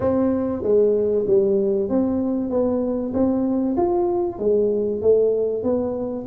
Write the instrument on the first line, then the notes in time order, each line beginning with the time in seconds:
tuba
0.00 C4
0.62 G#3
1.27 G3
1.89 C4
2.50 B3
3.13 C4
3.77 F4
4.39 G#3
5.01 A3
5.62 B3